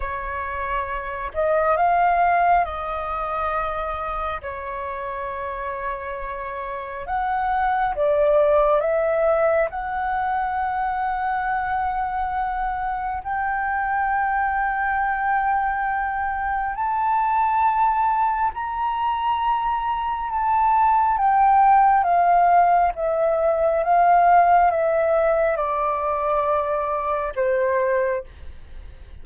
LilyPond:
\new Staff \with { instrumentName = "flute" } { \time 4/4 \tempo 4 = 68 cis''4. dis''8 f''4 dis''4~ | dis''4 cis''2. | fis''4 d''4 e''4 fis''4~ | fis''2. g''4~ |
g''2. a''4~ | a''4 ais''2 a''4 | g''4 f''4 e''4 f''4 | e''4 d''2 c''4 | }